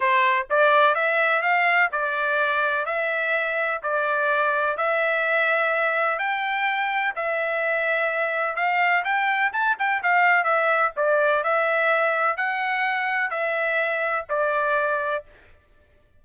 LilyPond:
\new Staff \with { instrumentName = "trumpet" } { \time 4/4 \tempo 4 = 126 c''4 d''4 e''4 f''4 | d''2 e''2 | d''2 e''2~ | e''4 g''2 e''4~ |
e''2 f''4 g''4 | a''8 g''8 f''4 e''4 d''4 | e''2 fis''2 | e''2 d''2 | }